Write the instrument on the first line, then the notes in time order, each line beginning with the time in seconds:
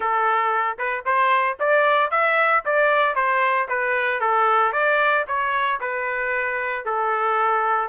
trumpet
0.00 A4
0.78 B4
1.05 C5
1.59 D5
2.11 E5
2.65 D5
3.15 C5
3.68 B4
4.20 A4
4.72 D5
5.27 C#5
5.80 B4
6.85 A4